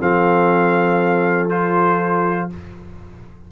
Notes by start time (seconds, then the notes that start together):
0.00 F3 C4 A4 F5
1.49 F4 C5